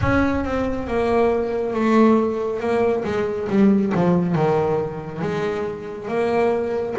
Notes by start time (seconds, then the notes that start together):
0.01 C#4
0.44 C4
0.87 A#3
1.73 A3
2.60 A#3
3.04 G#3
3.49 G3
3.94 F3
4.35 D#3
5.21 G#3
6.08 A#3